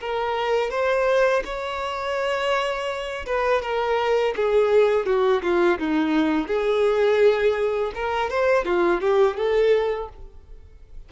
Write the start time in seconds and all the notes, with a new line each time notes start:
0.00 A#4
0.70 C5
1.45 C#5
3.26 B4
3.62 A#4
4.36 G#4
5.06 F#4
5.42 F4
5.78 D#4
6.47 G#4
7.95 A#4
8.30 C5
8.65 F4
9.01 G4
9.36 A4